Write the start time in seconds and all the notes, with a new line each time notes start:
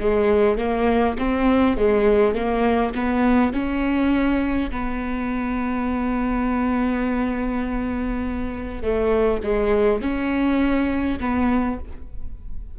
0.00 G#3
0.58 A#3
1.19 C4
1.77 G#3
2.35 A#3
2.95 B3
3.53 C#4
4.71 B3
8.83 A3
9.43 G#3
10.02 C#4
11.20 B3